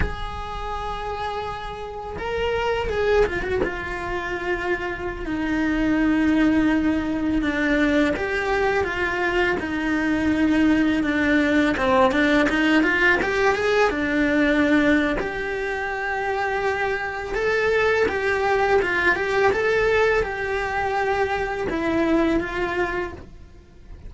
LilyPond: \new Staff \with { instrumentName = "cello" } { \time 4/4 \tempo 4 = 83 gis'2. ais'4 | gis'8 f'16 fis'16 f'2~ f'16 dis'8.~ | dis'2~ dis'16 d'4 g'8.~ | g'16 f'4 dis'2 d'8.~ |
d'16 c'8 d'8 dis'8 f'8 g'8 gis'8 d'8.~ | d'4 g'2. | a'4 g'4 f'8 g'8 a'4 | g'2 e'4 f'4 | }